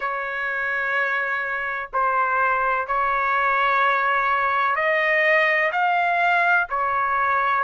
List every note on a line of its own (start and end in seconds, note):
0.00 1.89 C#5
1.93 2.87 C5
2.87 4.75 C#5
4.75 5.71 D#5
5.71 6.67 F5
6.69 7.63 C#5